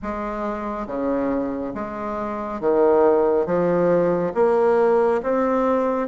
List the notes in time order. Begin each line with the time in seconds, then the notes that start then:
0.02 G#3
0.86 C#3
1.74 G#3
2.60 D#3
3.45 F3
4.34 A#3
5.22 C4